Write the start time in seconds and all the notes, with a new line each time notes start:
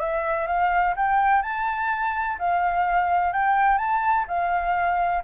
0.00 E5
0.47 F5
0.96 G5
1.42 A5
2.39 F5
3.33 G5
3.78 A5
4.28 F5